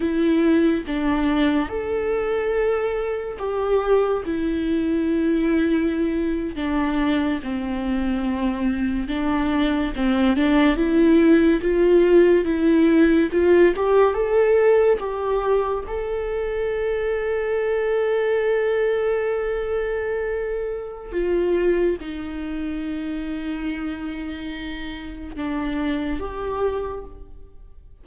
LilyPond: \new Staff \with { instrumentName = "viola" } { \time 4/4 \tempo 4 = 71 e'4 d'4 a'2 | g'4 e'2~ e'8. d'16~ | d'8. c'2 d'4 c'16~ | c'16 d'8 e'4 f'4 e'4 f'16~ |
f'16 g'8 a'4 g'4 a'4~ a'16~ | a'1~ | a'4 f'4 dis'2~ | dis'2 d'4 g'4 | }